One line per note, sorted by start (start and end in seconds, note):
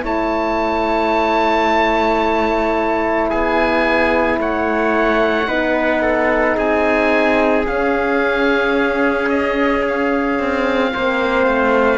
0.00 3.31 A3
0.00 5.45 E4
0.00 3.30 C#5
0.00 3.30 A5
3.30 4.39 B3
3.30 4.39 G#4
3.30 4.39 G#5
4.39 5.48 A3
4.39 5.48 C#5
4.39 6.58 F#5
5.48 6.57 B3
5.48 7.66 D#4
5.48 6.02 B4
6.02 6.56 A4
6.56 7.66 C4
6.56 10.93 G#4
6.56 7.67 G#5
7.66 10.93 C#4
7.66 10.39 C#4
7.66 9.29 F5
9.29 9.84 D#5
9.88 11.98 F5
10.39 10.94 C4
10.94 11.47 A#3
10.94 11.98 C4
10.94 11.98 C5
11.47 11.98 A3